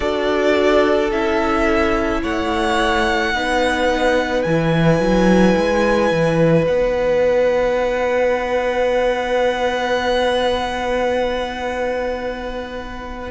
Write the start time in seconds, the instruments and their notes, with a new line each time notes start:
0.00 cello D4, viola F#4, violin A4 D5
1.11 cello C#4, viola E4, violin E5
2.22 cello A3, violin C#5 F#5
3.33 cello B3, viola D#4, violin B4
4.42 cello E3, viola E4, violin G#5
5.00 cello F#3
5.56 cello G#3
6.11 cello E3
6.66 cello B3, viola D#4, violin F#5